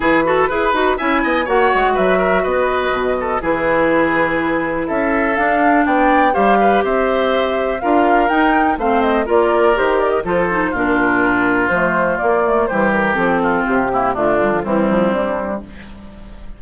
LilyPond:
<<
  \new Staff \with { instrumentName = "flute" } { \time 4/4 \tempo 4 = 123 b'2 gis''4 fis''4 | e''4 dis''2 b'4~ | b'2 e''4 f''4 | g''4 f''4 e''2 |
f''4 g''4 f''8 dis''8 d''4 | c''8 d''16 dis''16 c''4 ais'2 | c''4 d''4 c''8 ais'8 a'4 | g'4 f'4 e'4 d'4 | }
  \new Staff \with { instrumentName = "oboe" } { \time 4/4 gis'8 a'8 b'4 e''8 dis''8 cis''4 | b'8 ais'8 b'4. a'8 gis'4~ | gis'2 a'2 | d''4 c''8 b'8 c''2 |
ais'2 c''4 ais'4~ | ais'4 a'4 f'2~ | f'2 g'4. f'8~ | f'8 e'8 d'4 c'2 | }
  \new Staff \with { instrumentName = "clarinet" } { \time 4/4 e'8 fis'8 gis'8 fis'8 e'4 fis'4~ | fis'2. e'4~ | e'2. d'4~ | d'4 g'2. |
f'4 dis'4 c'4 f'4 | g'4 f'8 dis'8 d'2 | a4 ais8 a8 g4 c'4~ | c'8 ais8 a8 g16 f16 g2 | }
  \new Staff \with { instrumentName = "bassoon" } { \time 4/4 e4 e'8 dis'8 cis'8 b8 ais8 gis8 | fis4 b4 b,4 e4~ | e2 cis'4 d'4 | b4 g4 c'2 |
d'4 dis'4 a4 ais4 | dis4 f4 ais,2 | f4 ais4 e4 f4 | c4 d4 e8 f8 g4 | }
>>